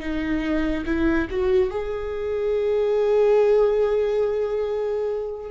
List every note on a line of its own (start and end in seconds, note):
0.00 0.85 D#4
0.86 1.28 E4
1.30 1.71 F#4
1.71 5.51 G#4